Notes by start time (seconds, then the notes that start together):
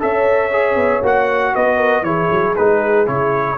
0.00 C#4 A4 C#5 E5
0.52 G#4
0.75 B3
1.02 A#3 F#4 F#5
1.54 B3 B4 D#5
1.77 A#4
2.02 E3 E4 G#4 C#5
2.32 F#3
2.56 G#3 D#4 B4
3.06 C#3 E4 C#5